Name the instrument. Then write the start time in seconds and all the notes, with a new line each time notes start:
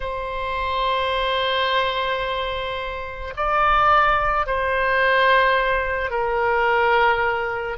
oboe
0.00 C5
3.36 D5
4.46 C5
6.10 A#4